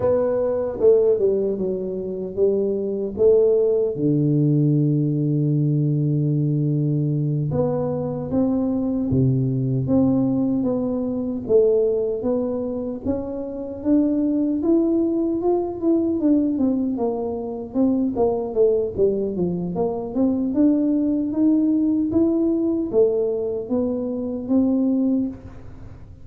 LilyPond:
\new Staff \with { instrumentName = "tuba" } { \time 4/4 \tempo 4 = 76 b4 a8 g8 fis4 g4 | a4 d2.~ | d4. b4 c'4 c8~ | c8 c'4 b4 a4 b8~ |
b8 cis'4 d'4 e'4 f'8 | e'8 d'8 c'8 ais4 c'8 ais8 a8 | g8 f8 ais8 c'8 d'4 dis'4 | e'4 a4 b4 c'4 | }